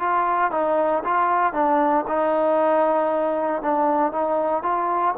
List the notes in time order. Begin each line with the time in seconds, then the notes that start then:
0.00 F4
0.52 D#4
1.05 F4
1.54 D4
2.08 D#4
3.63 D4
4.12 D#4
4.63 F4